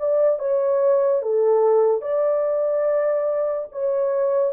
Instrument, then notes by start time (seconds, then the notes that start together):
horn
0.00 D5
0.40 C#5
1.23 A4
2.02 D5
3.72 C#5